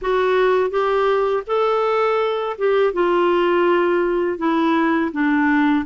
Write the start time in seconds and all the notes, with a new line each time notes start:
0.01 F#4
0.70 G4
1.46 A4
2.57 G4
2.93 F4
4.37 E4
5.12 D4